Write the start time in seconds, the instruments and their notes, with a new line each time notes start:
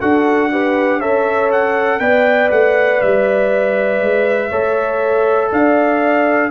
0.00 tuba D4, trombone F#4, horn A4, trumpet F#5
0.52 trombone G4, horn B4
1.00 tuba C#4, trombone A4, horn C#5, trumpet E5
1.52 trumpet F#5
2.00 tuba B3, trombone B4, horn D5, trumpet G5
2.51 tuba A3, trumpet F#5
3.01 tuba G3, trumpet E5
4.01 tuba G#3
4.50 tuba A3, trombone A4, horn C#5
5.52 tuba D4, horn D5, trumpet F5